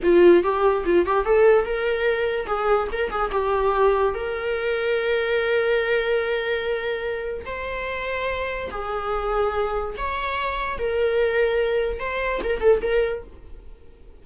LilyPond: \new Staff \with { instrumentName = "viola" } { \time 4/4 \tempo 4 = 145 f'4 g'4 f'8 g'8 a'4 | ais'2 gis'4 ais'8 gis'8 | g'2 ais'2~ | ais'1~ |
ais'2 c''2~ | c''4 gis'2. | cis''2 ais'2~ | ais'4 c''4 ais'8 a'8 ais'4 | }